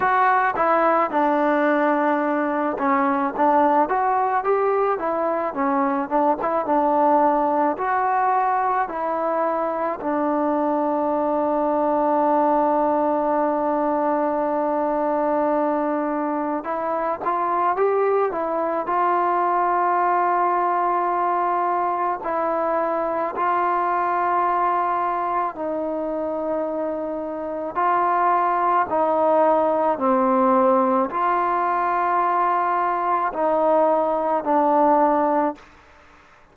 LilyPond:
\new Staff \with { instrumentName = "trombone" } { \time 4/4 \tempo 4 = 54 fis'8 e'8 d'4. cis'8 d'8 fis'8 | g'8 e'8 cis'8 d'16 e'16 d'4 fis'4 | e'4 d'2.~ | d'2. e'8 f'8 |
g'8 e'8 f'2. | e'4 f'2 dis'4~ | dis'4 f'4 dis'4 c'4 | f'2 dis'4 d'4 | }